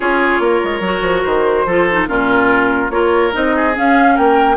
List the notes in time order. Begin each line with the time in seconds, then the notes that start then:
0.00 C#4 F4 G#4 C#5
0.39 A#3 A#4
0.64 G#3
0.79 F#3 F#4
1.01 F3
1.23 D#3 C5
1.65 F3 F4 A4
1.91 D#4
2.08 A#2 C#4 F4 A#4
2.89 A#3 F4 A#4 C#5
3.31 C4 D#4 D#5
3.55 G#4
3.74 C#4 F5
4.14 A#3 A#4 G5